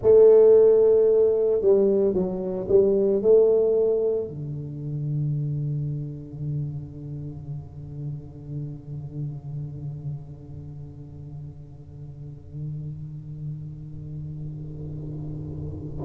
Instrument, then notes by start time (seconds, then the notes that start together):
tuba
0.01 A3
1.61 G3
2.13 F#3
2.68 G3
3.21 A3
4.28 D3